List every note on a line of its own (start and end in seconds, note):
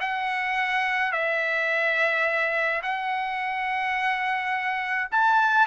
0.00 1.12 F#5
1.12 2.81 E5
2.82 5.09 F#5
5.11 5.66 A5